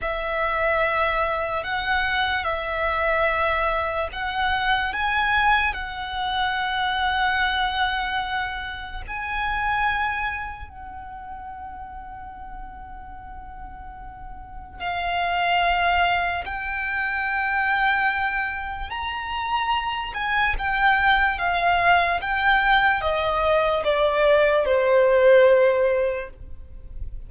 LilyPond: \new Staff \with { instrumentName = "violin" } { \time 4/4 \tempo 4 = 73 e''2 fis''4 e''4~ | e''4 fis''4 gis''4 fis''4~ | fis''2. gis''4~ | gis''4 fis''2.~ |
fis''2 f''2 | g''2. ais''4~ | ais''8 gis''8 g''4 f''4 g''4 | dis''4 d''4 c''2 | }